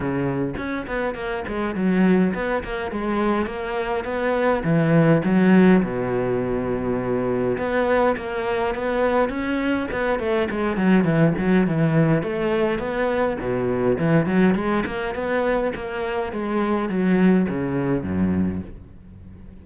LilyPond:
\new Staff \with { instrumentName = "cello" } { \time 4/4 \tempo 4 = 103 cis4 cis'8 b8 ais8 gis8 fis4 | b8 ais8 gis4 ais4 b4 | e4 fis4 b,2~ | b,4 b4 ais4 b4 |
cis'4 b8 a8 gis8 fis8 e8 fis8 | e4 a4 b4 b,4 | e8 fis8 gis8 ais8 b4 ais4 | gis4 fis4 cis4 fis,4 | }